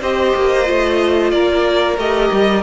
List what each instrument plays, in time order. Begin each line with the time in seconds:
0.00 cello C4, viola G4, violin C5 D#5
0.35 cello A#3
0.64 cello A3, viola F4
1.30 cello A#3, violin A#4 D5
1.97 cello A3, viola G4, violin D#5
2.31 cello G3